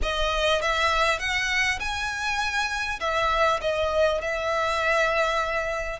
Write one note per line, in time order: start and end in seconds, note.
0.02 0.61 D#5
0.61 1.19 E5
1.19 1.79 F#5
1.79 2.99 G#5
3.00 3.60 E5
3.61 4.21 D#5
4.21 5.99 E5